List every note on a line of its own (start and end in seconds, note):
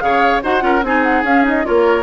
0.00 0.43 C#3
0.00 0.41 G#4
0.00 0.43 C#5
0.00 0.41 F5
0.43 0.62 D#4
0.43 0.60 F#4
0.43 0.63 C5
0.43 0.85 F#5
0.60 0.83 C#4
0.60 0.81 F4
0.60 0.85 A#4
0.83 1.23 C4
0.83 1.25 D#4
0.83 1.67 G#4
0.83 1.03 G#5
1.03 1.24 F#5
1.23 1.64 C#4
1.23 1.43 C#4
1.23 1.46 F5
1.43 1.64 D#4
1.43 1.66 D#5
1.64 2.03 A#3
1.64 2.03 F4
1.64 2.03 A#4
1.64 2.03 C#5